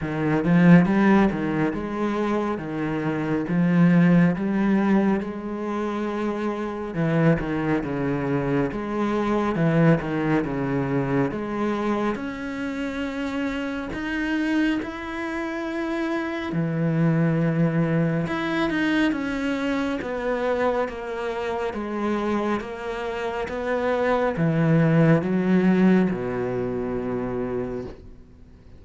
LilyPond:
\new Staff \with { instrumentName = "cello" } { \time 4/4 \tempo 4 = 69 dis8 f8 g8 dis8 gis4 dis4 | f4 g4 gis2 | e8 dis8 cis4 gis4 e8 dis8 | cis4 gis4 cis'2 |
dis'4 e'2 e4~ | e4 e'8 dis'8 cis'4 b4 | ais4 gis4 ais4 b4 | e4 fis4 b,2 | }